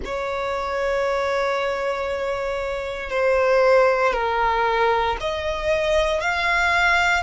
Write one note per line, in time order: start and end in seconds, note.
0.04 3.10 C#5
3.10 4.13 C5
4.13 5.16 A#4
5.20 6.20 D#5
6.20 7.22 F5